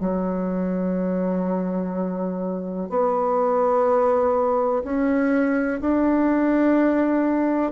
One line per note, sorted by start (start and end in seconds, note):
0.00 2.89 F#3
2.89 4.83 B3
4.83 5.80 C#4
5.81 7.72 D4